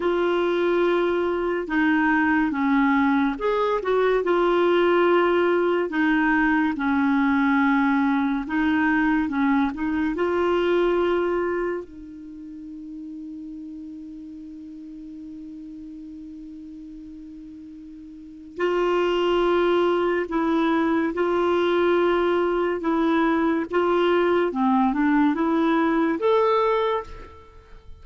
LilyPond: \new Staff \with { instrumentName = "clarinet" } { \time 4/4 \tempo 4 = 71 f'2 dis'4 cis'4 | gis'8 fis'8 f'2 dis'4 | cis'2 dis'4 cis'8 dis'8 | f'2 dis'2~ |
dis'1~ | dis'2 f'2 | e'4 f'2 e'4 | f'4 c'8 d'8 e'4 a'4 | }